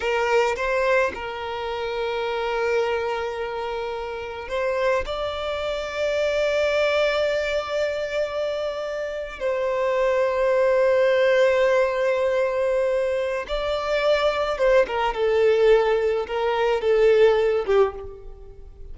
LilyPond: \new Staff \with { instrumentName = "violin" } { \time 4/4 \tempo 4 = 107 ais'4 c''4 ais'2~ | ais'1 | c''4 d''2.~ | d''1~ |
d''8. c''2.~ c''16~ | c''1 | d''2 c''8 ais'8 a'4~ | a'4 ais'4 a'4. g'8 | }